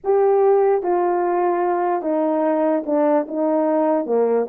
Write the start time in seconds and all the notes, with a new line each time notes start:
0.04 G4
0.82 F4
2.02 D#4
2.86 D4
3.28 D#4
4.06 A#3